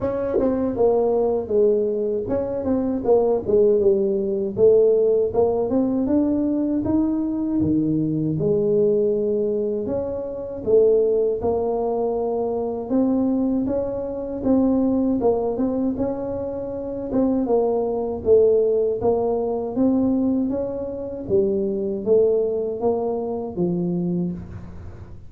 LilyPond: \new Staff \with { instrumentName = "tuba" } { \time 4/4 \tempo 4 = 79 cis'8 c'8 ais4 gis4 cis'8 c'8 | ais8 gis8 g4 a4 ais8 c'8 | d'4 dis'4 dis4 gis4~ | gis4 cis'4 a4 ais4~ |
ais4 c'4 cis'4 c'4 | ais8 c'8 cis'4. c'8 ais4 | a4 ais4 c'4 cis'4 | g4 a4 ais4 f4 | }